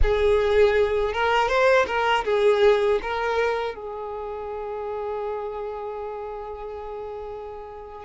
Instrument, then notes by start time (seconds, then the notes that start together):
violin
0.02 G#4
1.13 A#4
1.48 C5
1.86 A#4
2.25 G#4
3.01 A#4
3.74 G#4